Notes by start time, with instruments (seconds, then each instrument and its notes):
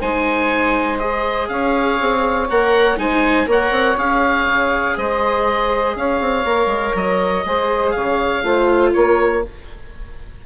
0.00 bassoon G#3, viola D#4, saxophone C5, oboe G#5
0.99 viola G#4, oboe D#5
1.49 bassoon C#4, saxophone C#5, oboe F5
2.01 bassoon C4
2.50 bassoon A#3, viola A#4, oboe F#5
2.97 bassoon G#3, viola D#4, saxophone C5, oboe G#5
3.47 bassoon A#3, viola A#4, saxophone C#5, oboe F#5
3.71 bassoon C4
3.97 bassoon C#4, viola G#4, oboe F5
4.46 bassoon C#3
4.97 bassoon G#3, saxophone C5, oboe D#5
5.96 bassoon C#4, saxophone C#5, oboe F5
6.21 bassoon C4
6.45 bassoon A#3, viola A#4
6.67 bassoon G#3
6.95 bassoon F#3, oboe D#5
7.45 bassoon G#3, viola G#4, saxophone C5
7.91 bassoon C#3, saxophone C#5, oboe F5
8.44 bassoon A3, viola F4, saxophone C5
8.92 bassoon A#3, saxophone A#4, oboe C#5